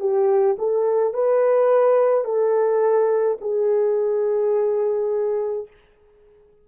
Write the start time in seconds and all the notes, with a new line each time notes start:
0.00 G4
0.59 A4
1.14 B4
2.24 A4
3.41 G#4